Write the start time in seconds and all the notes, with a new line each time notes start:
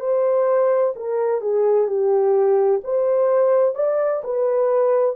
0.00 C5
0.96 A#4
1.41 G#4
1.87 G4
2.84 C5
3.75 D5
4.24 B4